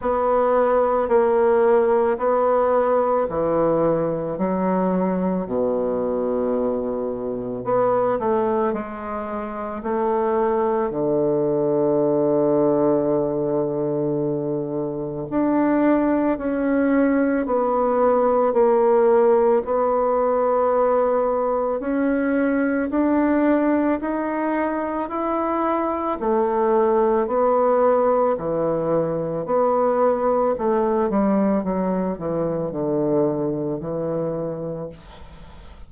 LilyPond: \new Staff \with { instrumentName = "bassoon" } { \time 4/4 \tempo 4 = 55 b4 ais4 b4 e4 | fis4 b,2 b8 a8 | gis4 a4 d2~ | d2 d'4 cis'4 |
b4 ais4 b2 | cis'4 d'4 dis'4 e'4 | a4 b4 e4 b4 | a8 g8 fis8 e8 d4 e4 | }